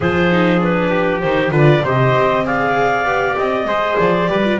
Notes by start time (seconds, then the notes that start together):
0.00 F3 F4 G#4 C5
0.31 D#4
0.58 D4 B4
0.90 G4
1.20 D#3 D#4 C5
1.51 D3 F4 B4
1.57 D5
1.83 C3 G4 C5 D#5
2.14 C4
2.44 G#4 D5 F5
3.05 B3 G4
3.36 C4 D#5
3.64 G#3 G#4 C5
3.98 F3 D5
4.27 G3 G4 B4
4.44 F4